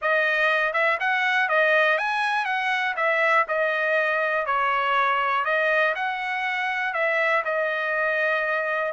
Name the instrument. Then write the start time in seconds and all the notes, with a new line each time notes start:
trumpet
0.01 D#5
0.73 E5
1.00 F#5
1.48 D#5
1.97 G#5
2.45 F#5
2.96 E5
3.48 D#5
4.45 C#5
5.44 D#5
5.95 F#5
6.93 E5
7.44 D#5